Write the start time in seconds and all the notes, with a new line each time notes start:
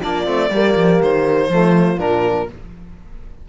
0.00 A#3 D4 F4 D5
0.24 A3 C4
0.50 G3 A#3 G4
0.75 F3
1.01 D#3 C5
1.49 F3 A3 F4
1.98 A#2 D4 A#4